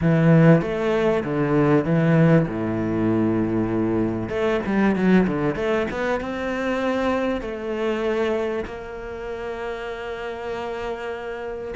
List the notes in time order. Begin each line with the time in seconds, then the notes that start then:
0.01 E3
0.61 A3
1.24 D3
1.84 E3
2.47 A2
4.29 A3
4.66 G3
4.95 F#3
5.27 D3
5.55 A3
5.90 B3
6.20 C4
7.41 A3
8.65 A#3